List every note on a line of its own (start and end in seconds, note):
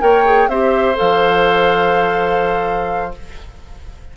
0.00 0.48 A#3
0.00 0.24 A#4
0.00 0.50 C#5
0.00 0.49 G5
0.26 0.49 G#4
0.48 0.96 C4
0.48 0.96 G4
0.48 3.14 C5
0.48 0.97 E5
0.96 3.17 F3
0.96 3.12 A4
0.96 3.15 F5